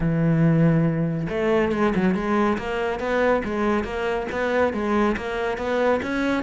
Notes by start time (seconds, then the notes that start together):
0.00 E3
1.29 A3
1.72 G#3
1.95 F#3
2.14 G#3
2.58 A#3
2.99 B3
3.44 G#3
3.84 A#3
4.31 B3
4.73 G#3
5.16 A#3
5.57 B3
6.02 C#4